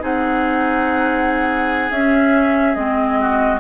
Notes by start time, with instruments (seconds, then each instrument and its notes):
0.00 bassoon C4, clarinet D#4, oboe G#4, flute F#5
1.90 bassoon C#4, clarinet C#4, flute E5
2.74 bassoon G#3, clarinet C4, flute D#5
3.21 oboe F#4